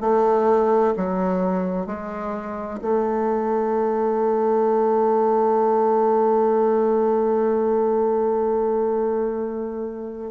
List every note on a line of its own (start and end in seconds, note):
0.00 0.94 A3
0.97 1.86 F#3
1.86 2.80 G#3
2.81 10.31 A3